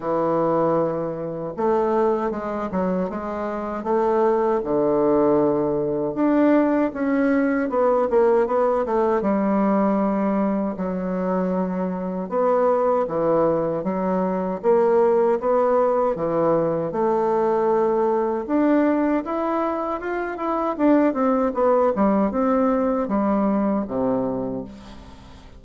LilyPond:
\new Staff \with { instrumentName = "bassoon" } { \time 4/4 \tempo 4 = 78 e2 a4 gis8 fis8 | gis4 a4 d2 | d'4 cis'4 b8 ais8 b8 a8 | g2 fis2 |
b4 e4 fis4 ais4 | b4 e4 a2 | d'4 e'4 f'8 e'8 d'8 c'8 | b8 g8 c'4 g4 c4 | }